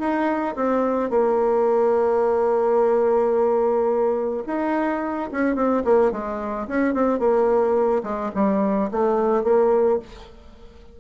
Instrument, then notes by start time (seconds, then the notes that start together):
bassoon
0.00 D#4
0.56 C4
1.10 A#3
4.47 D#4
5.32 C#4
5.56 C4
5.85 A#3
6.12 G#3
6.68 C#4
6.94 C4
7.20 A#3
8.04 G#3
8.35 G3
8.92 A3
9.44 A#3